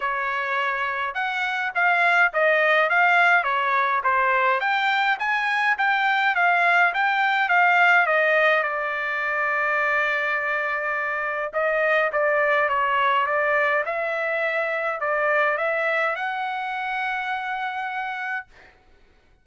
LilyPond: \new Staff \with { instrumentName = "trumpet" } { \time 4/4 \tempo 4 = 104 cis''2 fis''4 f''4 | dis''4 f''4 cis''4 c''4 | g''4 gis''4 g''4 f''4 | g''4 f''4 dis''4 d''4~ |
d''1 | dis''4 d''4 cis''4 d''4 | e''2 d''4 e''4 | fis''1 | }